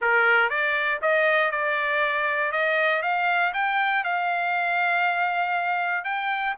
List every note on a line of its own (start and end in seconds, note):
0.01 0.49 A#4
0.49 0.99 D5
1.01 1.51 D#5
1.51 2.52 D5
2.52 3.02 D#5
3.02 3.52 F5
3.53 4.04 G5
4.04 6.04 F5
6.04 6.54 G5